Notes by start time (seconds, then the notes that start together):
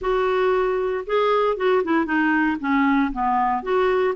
0.01 F#4
1.06 G#4
1.57 F#4
1.83 E4
2.05 D#4
2.60 C#4
3.12 B3
3.62 F#4